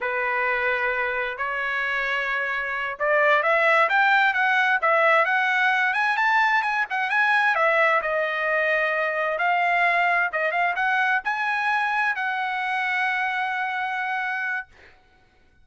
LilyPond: \new Staff \with { instrumentName = "trumpet" } { \time 4/4 \tempo 4 = 131 b'2. cis''4~ | cis''2~ cis''8 d''4 e''8~ | e''8 g''4 fis''4 e''4 fis''8~ | fis''4 gis''8 a''4 gis''8 fis''8 gis''8~ |
gis''8 e''4 dis''2~ dis''8~ | dis''8 f''2 dis''8 f''8 fis''8~ | fis''8 gis''2 fis''4.~ | fis''1 | }